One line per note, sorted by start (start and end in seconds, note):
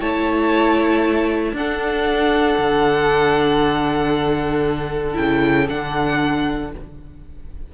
0.00 1.53 A3
0.00 1.56 E4
0.00 1.54 C#5
0.00 1.56 A5
1.53 2.56 D4
1.53 5.14 D4
1.53 6.72 A4
1.53 5.16 F#5
2.59 5.17 D3
5.14 5.70 C#3
5.14 5.66 E4
5.14 5.68 G5
5.69 6.74 D3
5.69 6.72 D4
5.69 6.73 F#5